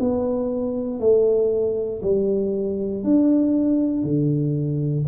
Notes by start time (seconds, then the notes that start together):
0.00 B3
1.00 A3
2.02 G3
3.04 D4
4.04 D3